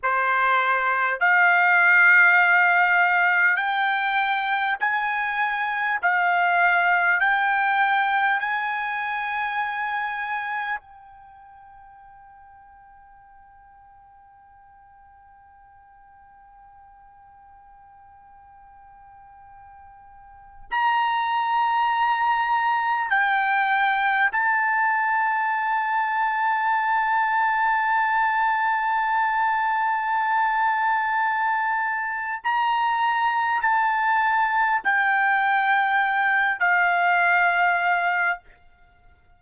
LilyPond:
\new Staff \with { instrumentName = "trumpet" } { \time 4/4 \tempo 4 = 50 c''4 f''2 g''4 | gis''4 f''4 g''4 gis''4~ | gis''4 g''2.~ | g''1~ |
g''4~ g''16 ais''2 g''8.~ | g''16 a''2.~ a''8.~ | a''2. ais''4 | a''4 g''4. f''4. | }